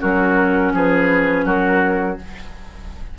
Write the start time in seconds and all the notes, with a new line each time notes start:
0.00 F#3 C#4 F#4 A#4
0.73 F3 G#4 B4
1.45 F#3 F#4 A#4